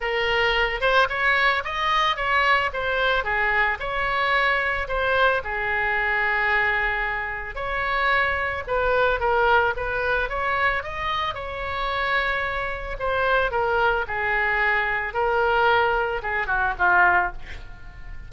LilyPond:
\new Staff \with { instrumentName = "oboe" } { \time 4/4 \tempo 4 = 111 ais'4. c''8 cis''4 dis''4 | cis''4 c''4 gis'4 cis''4~ | cis''4 c''4 gis'2~ | gis'2 cis''2 |
b'4 ais'4 b'4 cis''4 | dis''4 cis''2. | c''4 ais'4 gis'2 | ais'2 gis'8 fis'8 f'4 | }